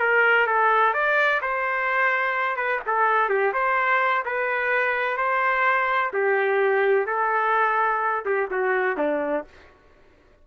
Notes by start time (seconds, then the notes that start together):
0.00 A#4
0.47 A4
0.94 D5
1.42 C5
2.57 B4
2.87 A4
3.30 G4
3.54 C5
4.26 B4
5.18 C5
6.14 G4
7.07 A4
8.25 G4
8.51 F#4
8.97 D4